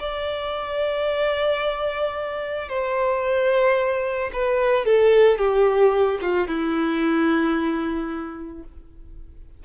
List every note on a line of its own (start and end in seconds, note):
0.00 2.69 D5
2.69 4.31 C5
4.33 4.86 B4
4.86 5.39 A4
5.39 6.20 G4
6.22 6.48 F4
6.48 8.64 E4